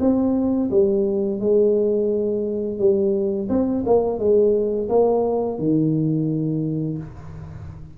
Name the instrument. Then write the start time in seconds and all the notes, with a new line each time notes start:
tuba
0.00 C4
0.71 G3
1.40 G#3
2.78 G3
3.49 C4
3.86 A#3
4.19 G#3
4.88 A#3
5.58 D#3